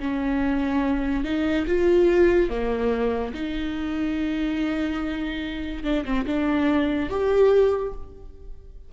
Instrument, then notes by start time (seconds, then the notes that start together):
viola
0.00 C#4
1.24 D#4
1.67 F4
2.50 A#3
3.34 D#4
5.84 D4
6.05 C4
6.27 D4
7.10 G4